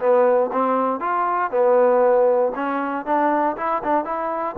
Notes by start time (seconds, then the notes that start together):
0.00 B3
0.53 C4
1.00 F4
1.51 B3
2.56 C#4
3.06 D4
3.57 E4
3.84 D4
4.05 E4